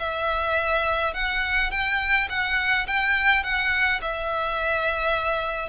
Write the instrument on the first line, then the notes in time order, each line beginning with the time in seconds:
violin
0.00 E5
1.14 F#5
1.71 G5
2.30 F#5
2.88 G5
3.44 F#5
4.02 E5